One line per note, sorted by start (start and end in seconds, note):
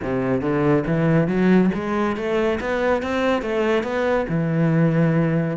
0.02 0.41 C3
0.41 0.84 D3
0.86 1.27 E3
1.27 1.70 F#3
1.74 2.16 G#3
2.16 2.59 A3
2.60 3.02 B3
3.02 3.41 C4
3.41 3.83 A3
3.83 4.26 B3
4.28 5.57 E3